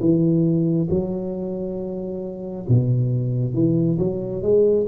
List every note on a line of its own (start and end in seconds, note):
0.00 0.88 E3
0.89 2.66 F#3
2.68 3.53 B2
3.53 3.97 E3
3.98 4.42 F#3
4.42 4.86 G#3